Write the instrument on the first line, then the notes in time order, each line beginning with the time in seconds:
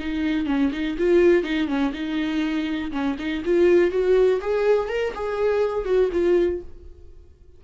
viola
0.00 D#4
0.47 C#4
0.73 D#4
0.99 F4
1.44 D#4
1.68 C#4
1.93 D#4
2.92 C#4
3.19 D#4
3.45 F4
3.92 F#4
4.42 G#4
4.89 A#4
5.15 G#4
5.85 F#4
6.13 F4